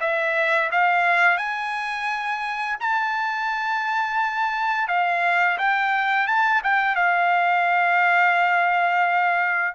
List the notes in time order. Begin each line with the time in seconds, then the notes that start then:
0.00 E5
0.71 F5
1.37 G#5
2.80 A5
4.87 F5
5.58 G5
6.27 A5
6.63 G5
6.95 F5